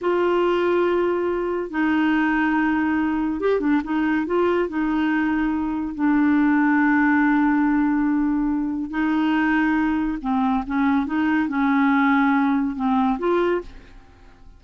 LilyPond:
\new Staff \with { instrumentName = "clarinet" } { \time 4/4 \tempo 4 = 141 f'1 | dis'1 | g'8 d'8 dis'4 f'4 dis'4~ | dis'2 d'2~ |
d'1~ | d'4 dis'2. | c'4 cis'4 dis'4 cis'4~ | cis'2 c'4 f'4 | }